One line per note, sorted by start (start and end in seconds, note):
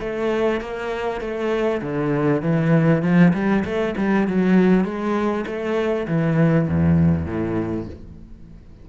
0.00 0.61 A3
0.61 1.21 A#3
1.21 1.82 A3
1.82 2.42 D3
2.42 3.02 E3
3.02 3.33 F3
3.34 3.64 G3
3.65 3.95 A3
3.97 4.28 G3
4.28 4.85 F#3
4.85 5.45 G#3
5.46 6.07 A3
6.08 6.68 E3
6.68 7.26 E2
7.26 7.87 A2